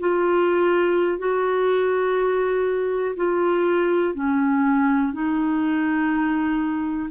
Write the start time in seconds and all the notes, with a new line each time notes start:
0.00 F4
1.19 F#4
3.17 F4
4.15 C#4
5.13 D#4